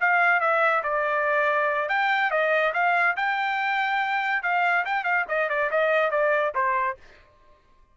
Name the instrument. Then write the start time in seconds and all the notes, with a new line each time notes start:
trumpet
0.00 F5
0.40 E5
0.83 D5
1.89 G5
2.30 D#5
2.73 F5
3.16 G5
4.43 F5
4.85 G5
5.04 F5
5.28 D#5
5.49 D5
5.71 D#5
6.11 D5
6.55 C5